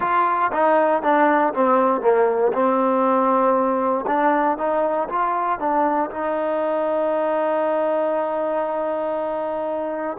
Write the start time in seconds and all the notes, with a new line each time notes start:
0.00 F4
0.52 D#4
1.02 D4
1.53 C4
2.01 A#3
2.52 C4
4.06 D4
4.57 D#4
5.08 F4
5.59 D4
6.10 D#4